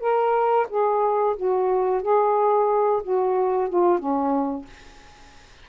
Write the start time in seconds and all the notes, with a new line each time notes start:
0.00 A#4
0.69 G#4
1.37 F#4
2.02 G#4
3.03 F#4
3.69 F4
3.99 C#4